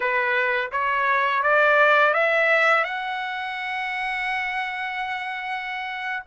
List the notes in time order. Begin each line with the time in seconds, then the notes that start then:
0.00 B4
0.71 C#5
1.43 D5
2.13 E5
2.84 F#5